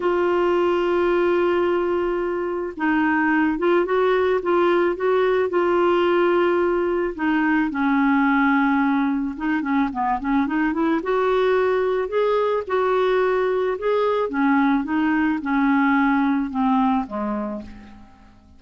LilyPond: \new Staff \with { instrumentName = "clarinet" } { \time 4/4 \tempo 4 = 109 f'1~ | f'4 dis'4. f'8 fis'4 | f'4 fis'4 f'2~ | f'4 dis'4 cis'2~ |
cis'4 dis'8 cis'8 b8 cis'8 dis'8 e'8 | fis'2 gis'4 fis'4~ | fis'4 gis'4 cis'4 dis'4 | cis'2 c'4 gis4 | }